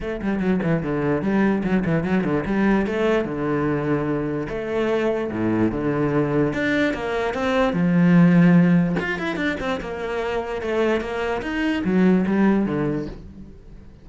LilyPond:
\new Staff \with { instrumentName = "cello" } { \time 4/4 \tempo 4 = 147 a8 g8 fis8 e8 d4 g4 | fis8 e8 fis8 d8 g4 a4 | d2. a4~ | a4 a,4 d2 |
d'4 ais4 c'4 f4~ | f2 f'8 e'8 d'8 c'8 | ais2 a4 ais4 | dis'4 fis4 g4 d4 | }